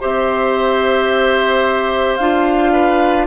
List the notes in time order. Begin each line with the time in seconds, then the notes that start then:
0.00 C4 G4 C5 E5
2.16 D4 F4 F5
2.72 B4